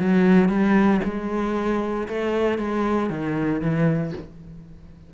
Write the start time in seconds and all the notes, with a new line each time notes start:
0.00 F#3
0.50 G3
1.05 G#3
2.09 A3
2.59 G#3
3.10 D#3
3.61 E3